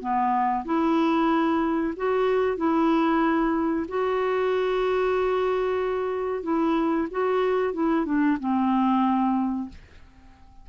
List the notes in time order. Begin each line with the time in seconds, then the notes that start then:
0.00 B3
0.65 E4
1.96 F#4
2.57 E4
3.88 F#4
6.43 E4
7.11 F#4
7.73 E4
8.05 D4
8.40 C4